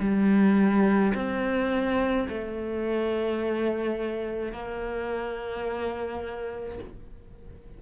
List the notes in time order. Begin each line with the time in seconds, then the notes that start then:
0.00 G3
1.14 C4
2.28 A3
4.52 A#3